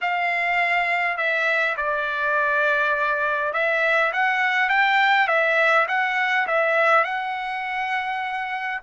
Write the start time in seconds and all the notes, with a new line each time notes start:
0.01 F5
1.17 E5
1.76 D5
3.53 E5
4.13 F#5
4.69 G5
5.27 E5
5.87 F#5
6.47 E5
7.04 F#5